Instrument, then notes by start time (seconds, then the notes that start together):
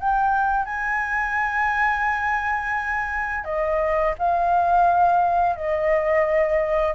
flute
0.00 G5
0.66 G#5
3.45 D#5
4.19 F5
5.56 D#5